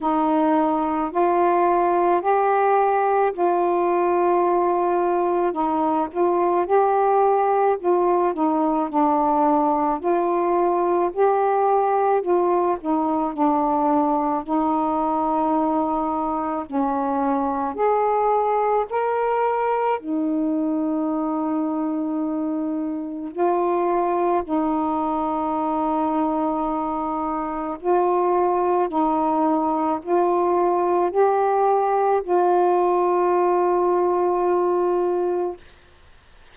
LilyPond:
\new Staff \with { instrumentName = "saxophone" } { \time 4/4 \tempo 4 = 54 dis'4 f'4 g'4 f'4~ | f'4 dis'8 f'8 g'4 f'8 dis'8 | d'4 f'4 g'4 f'8 dis'8 | d'4 dis'2 cis'4 |
gis'4 ais'4 dis'2~ | dis'4 f'4 dis'2~ | dis'4 f'4 dis'4 f'4 | g'4 f'2. | }